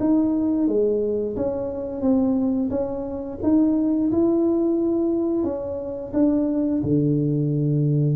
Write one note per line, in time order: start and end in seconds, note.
0.00 0.68 D#4
0.68 1.36 G#3
1.36 2.01 C#4
2.01 2.70 C4
2.70 3.38 C#4
3.43 4.11 D#4
4.12 5.44 E4
5.44 6.12 C#4
6.13 6.82 D4
6.83 8.15 D3